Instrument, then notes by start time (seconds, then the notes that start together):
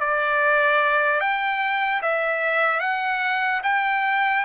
trumpet
0.00 D5
1.21 G5
2.02 E5
2.80 F#5
3.63 G5